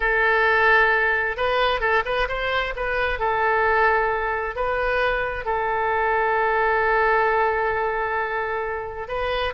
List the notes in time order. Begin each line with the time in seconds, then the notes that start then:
0.00 A4
1.37 B4
1.80 A4
2.05 B4
2.28 C5
2.76 B4
3.19 A4
4.55 B4
5.45 A4
9.08 B4